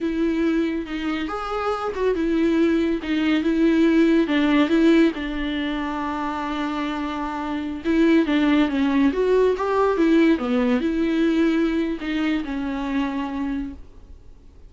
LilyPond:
\new Staff \with { instrumentName = "viola" } { \time 4/4 \tempo 4 = 140 e'2 dis'4 gis'4~ | gis'8 fis'8 e'2 dis'4 | e'2 d'4 e'4 | d'1~ |
d'2~ d'16 e'4 d'8.~ | d'16 cis'4 fis'4 g'4 e'8.~ | e'16 b4 e'2~ e'8. | dis'4 cis'2. | }